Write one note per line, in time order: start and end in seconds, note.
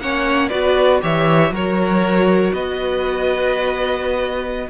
0.00 0.51 A#3
0.00 0.51 C#4
0.00 0.50 C#5
0.00 0.49 F#5
0.49 1.03 B3
0.49 1.01 F#4
0.49 1.01 B4
0.49 1.00 D5
1.01 1.51 E3
1.01 1.51 G4
1.01 1.53 C#5
1.01 1.55 E5
1.51 2.52 F#3
1.51 4.69 F#4
1.51 2.54 A#4
1.51 2.54 C#5
2.54 4.70 B3
2.54 4.70 B4
2.54 4.70 D#5